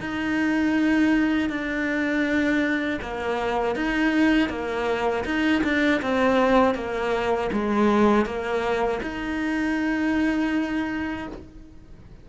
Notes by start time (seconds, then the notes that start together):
0.00 D#4
1.50 D4
3.01 A#3
3.75 D#4
4.49 A#3
5.25 D#4
5.64 D4
6.02 C4
6.75 A#3
7.52 G#3
8.25 A#3
9.02 D#4